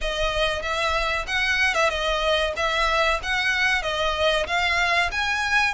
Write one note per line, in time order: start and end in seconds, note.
0.01 0.62 D#5
0.62 1.25 E5
1.27 1.74 F#5
1.74 1.89 E5
1.89 2.53 D#5
2.56 3.20 E5
3.22 3.82 F#5
3.82 4.46 D#5
4.46 5.10 F5
5.11 5.74 G#5